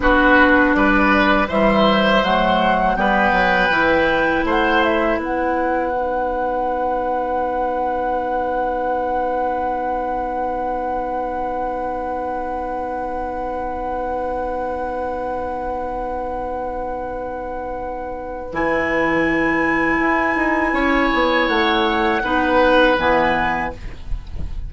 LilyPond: <<
  \new Staff \with { instrumentName = "flute" } { \time 4/4 \tempo 4 = 81 b'4 d''4 e''4 fis''4 | g''2 fis''8 e''8 fis''4~ | fis''1~ | fis''1~ |
fis''1~ | fis''1~ | fis''4 gis''2.~ | gis''4 fis''2 gis''4 | }
  \new Staff \with { instrumentName = "oboe" } { \time 4/4 fis'4 b'4 c''2 | b'2 c''4 b'4~ | b'1~ | b'1~ |
b'1~ | b'1~ | b'1 | cis''2 b'2 | }
  \new Staff \with { instrumentName = "clarinet" } { \time 4/4 d'2 g4 a4 | b4 e'2. | dis'1~ | dis'1~ |
dis'1~ | dis'1~ | dis'4 e'2.~ | e'2 dis'4 b4 | }
  \new Staff \with { instrumentName = "bassoon" } { \time 4/4 b4 g4 e4 fis4 | g8 fis8 e4 a4 b4~ | b1~ | b1~ |
b1~ | b1~ | b4 e2 e'8 dis'8 | cis'8 b8 a4 b4 e4 | }
>>